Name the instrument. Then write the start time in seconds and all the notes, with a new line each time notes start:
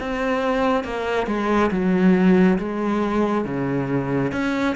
cello
0.00 C4
0.84 A#3
1.27 G#3
1.71 F#3
2.58 G#3
3.45 C#3
4.32 C#4